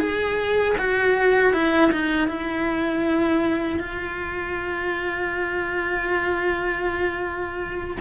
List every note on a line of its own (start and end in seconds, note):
0.00 0.76 G#4
0.78 1.53 F#4
1.53 1.91 E4
1.92 2.28 D#4
2.28 3.80 E4
3.80 7.97 F4